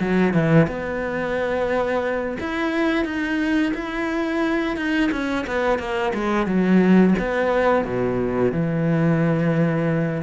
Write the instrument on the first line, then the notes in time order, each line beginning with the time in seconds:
cello
0.00 F#3
0.33 E3
0.67 B3
2.40 E4
3.04 D#4
3.74 E4
4.76 D#4
5.11 C#4
5.46 B3
5.78 A#3
6.14 G#3
6.46 F#3
7.19 B3
7.85 B2
8.52 E3